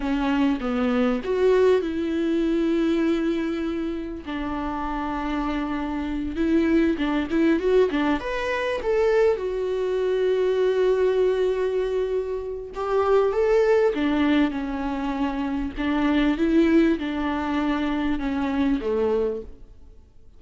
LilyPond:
\new Staff \with { instrumentName = "viola" } { \time 4/4 \tempo 4 = 99 cis'4 b4 fis'4 e'4~ | e'2. d'4~ | d'2~ d'8 e'4 d'8 | e'8 fis'8 d'8 b'4 a'4 fis'8~ |
fis'1~ | fis'4 g'4 a'4 d'4 | cis'2 d'4 e'4 | d'2 cis'4 a4 | }